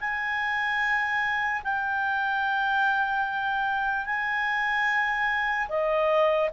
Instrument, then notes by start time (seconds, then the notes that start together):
clarinet
0.00 G#5
1.64 G5
4.05 G#5
5.68 D#5